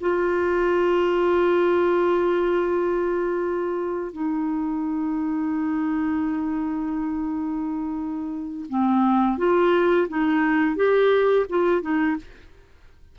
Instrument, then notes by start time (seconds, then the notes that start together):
clarinet
0.00 F4
4.13 D#4
8.69 C4
9.38 F4
10.08 D#4
10.76 G4
11.49 F4
11.82 D#4